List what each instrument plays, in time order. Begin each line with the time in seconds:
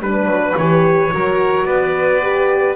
0.00 double bass G3, horn D4, trumpet B4, violin B4
0.26 double bass F#3
0.57 double bass E3, horn G4, trumpet C#5
1.12 double bass F#3, horn F#4, violin A#4
1.65 double bass B3, violin B4, trumpet D5
2.22 horn G4